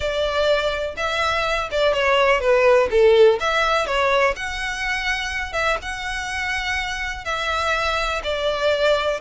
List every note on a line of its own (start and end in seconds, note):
0.00 0.95 D5
0.96 1.69 E5
1.71 1.93 D5
1.93 2.40 C#5
2.40 2.89 B4
2.90 3.39 A4
3.39 3.86 E5
3.86 4.34 C#5
4.36 5.52 F#5
5.52 5.77 E5
5.82 7.24 F#5
7.24 8.21 E5
8.23 9.20 D5